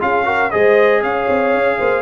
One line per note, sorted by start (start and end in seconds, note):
0.00 0.53 C#4
0.00 0.25 F4
0.00 0.26 G#4
0.00 0.51 F5
0.25 0.50 F#4
0.25 0.52 A#4
0.51 1.03 G#3
0.51 2.02 G#4
0.51 1.03 C5
0.51 1.02 D#5
1.03 1.28 C#4
1.03 1.79 C#5
1.03 2.02 F5
1.28 1.54 C4
1.54 1.79 C#4
1.79 2.02 A#3
1.79 2.02 C5